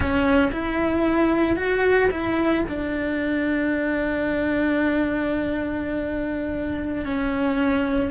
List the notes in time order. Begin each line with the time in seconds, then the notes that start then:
0.00 C#4
0.52 E4
1.56 F#4
2.11 E4
2.68 D4
7.05 C#4